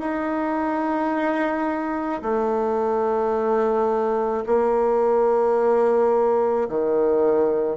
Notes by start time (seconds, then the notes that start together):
0.00 D#4
2.22 A3
4.46 A#3
6.69 D#3